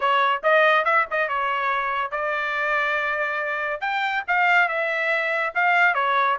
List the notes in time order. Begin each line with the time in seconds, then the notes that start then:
0.00 C#5
0.43 D#5
0.84 E5
1.10 D#5
1.28 C#5
2.11 D5
3.81 G5
4.27 F5
4.68 E5
5.54 F5
5.94 C#5